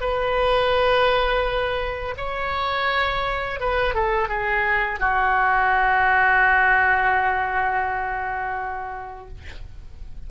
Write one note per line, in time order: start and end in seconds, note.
0.00 2.14 B4
2.17 3.60 C#5
3.60 3.94 B4
3.94 4.28 A4
4.28 4.99 G#4
4.99 9.28 F#4